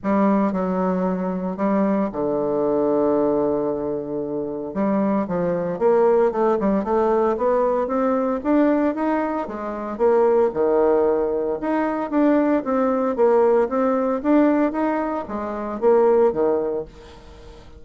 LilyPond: \new Staff \with { instrumentName = "bassoon" } { \time 4/4 \tempo 4 = 114 g4 fis2 g4 | d1~ | d4 g4 f4 ais4 | a8 g8 a4 b4 c'4 |
d'4 dis'4 gis4 ais4 | dis2 dis'4 d'4 | c'4 ais4 c'4 d'4 | dis'4 gis4 ais4 dis4 | }